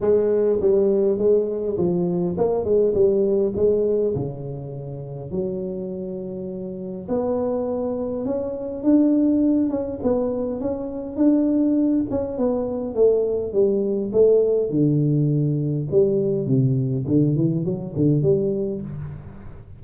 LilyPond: \new Staff \with { instrumentName = "tuba" } { \time 4/4 \tempo 4 = 102 gis4 g4 gis4 f4 | ais8 gis8 g4 gis4 cis4~ | cis4 fis2. | b2 cis'4 d'4~ |
d'8 cis'8 b4 cis'4 d'4~ | d'8 cis'8 b4 a4 g4 | a4 d2 g4 | c4 d8 e8 fis8 d8 g4 | }